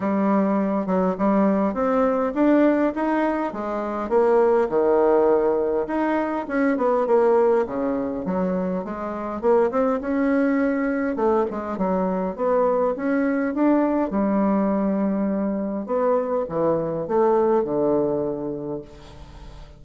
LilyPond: \new Staff \with { instrumentName = "bassoon" } { \time 4/4 \tempo 4 = 102 g4. fis8 g4 c'4 | d'4 dis'4 gis4 ais4 | dis2 dis'4 cis'8 b8 | ais4 cis4 fis4 gis4 |
ais8 c'8 cis'2 a8 gis8 | fis4 b4 cis'4 d'4 | g2. b4 | e4 a4 d2 | }